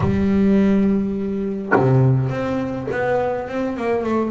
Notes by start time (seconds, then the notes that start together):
0.00 G3
1.75 C3
2.29 C4
2.91 B3
3.48 C4
3.76 A#3
4.03 A3